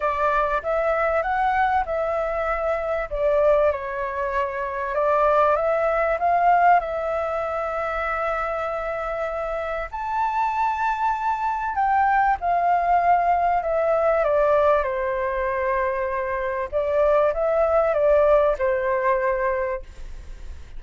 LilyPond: \new Staff \with { instrumentName = "flute" } { \time 4/4 \tempo 4 = 97 d''4 e''4 fis''4 e''4~ | e''4 d''4 cis''2 | d''4 e''4 f''4 e''4~ | e''1 |
a''2. g''4 | f''2 e''4 d''4 | c''2. d''4 | e''4 d''4 c''2 | }